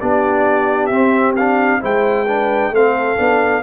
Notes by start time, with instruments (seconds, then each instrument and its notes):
0.00 tuba B3, trombone D4, horn G4, trumpet D5
0.86 tuba C4, trombone C4, trumpet E5
1.36 trombone D4, trumpet F5
1.80 tuba G#3, trombone E4, horn C5, trumpet G5
2.26 trombone D4, horn B4
2.71 tuba A3, trombone C4, horn A4, trumpet F5
3.17 tuba B3, trombone D4